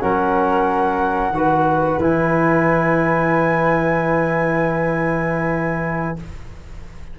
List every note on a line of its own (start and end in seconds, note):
0.00 1.31 F#3
0.00 1.33 C#4
0.00 1.36 A#4
0.00 2.01 F#5
1.31 1.97 D#3
1.31 2.00 F#4
1.31 6.19 B4
1.99 6.16 E3
1.99 6.17 E4
1.99 6.19 G#5